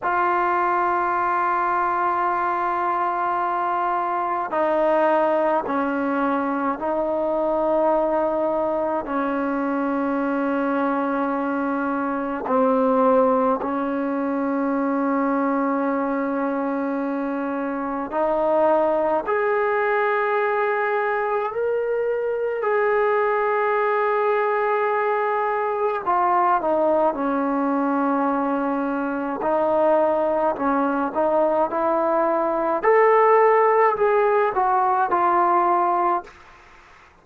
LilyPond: \new Staff \with { instrumentName = "trombone" } { \time 4/4 \tempo 4 = 53 f'1 | dis'4 cis'4 dis'2 | cis'2. c'4 | cis'1 |
dis'4 gis'2 ais'4 | gis'2. f'8 dis'8 | cis'2 dis'4 cis'8 dis'8 | e'4 a'4 gis'8 fis'8 f'4 | }